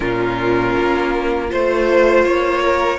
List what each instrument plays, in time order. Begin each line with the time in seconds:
0.00 cello A#2, viola C#4, violin F4 A#4
0.76 cello A#3
1.48 cello A3, viola F4, violin C5
2.24 cello A#3, violin C#5
2.61 violin A#4